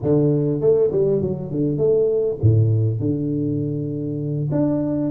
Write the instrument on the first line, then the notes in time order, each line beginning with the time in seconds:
tuba
0.02 D3
0.61 A3
0.91 G3
1.21 F#3
1.51 D3
1.77 A3
2.41 A2
2.99 D3
4.51 D4